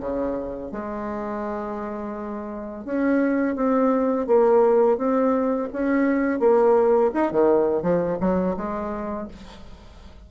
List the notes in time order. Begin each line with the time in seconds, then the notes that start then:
0.00 C#3
0.71 G#3
2.85 C#4
3.55 C4
4.27 A#3
4.97 C4
5.73 C#4
6.39 A#3
7.14 D#4
7.31 D#3
7.82 F3
8.20 F#3
8.56 G#3